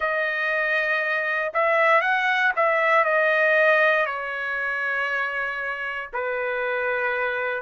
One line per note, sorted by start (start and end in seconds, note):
0.00 1.52 D#5
1.53 2.01 E5
2.01 2.51 F#5
2.56 3.04 E5
3.04 4.05 D#5
4.06 6.09 C#5
6.13 7.62 B4